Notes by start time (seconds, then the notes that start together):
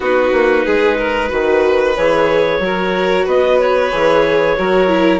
0.00 B3 D#4 F#4 B4
0.32 A#3
0.65 G#3 G#4
0.97 A#4
1.28 D#3 F#4 B4
1.96 E3 G#4 C#5
2.59 F#3 F#4 A#4
3.25 B3 B4 D#5
3.59 C#5
3.91 E3 G#4
4.57 F#3 F#4 A#4
4.87 E4